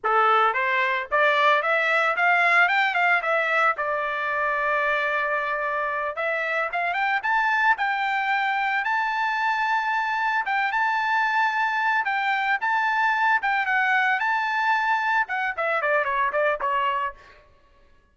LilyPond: \new Staff \with { instrumentName = "trumpet" } { \time 4/4 \tempo 4 = 112 a'4 c''4 d''4 e''4 | f''4 g''8 f''8 e''4 d''4~ | d''2.~ d''8 e''8~ | e''8 f''8 g''8 a''4 g''4.~ |
g''8 a''2. g''8 | a''2~ a''8 g''4 a''8~ | a''4 g''8 fis''4 a''4.~ | a''8 fis''8 e''8 d''8 cis''8 d''8 cis''4 | }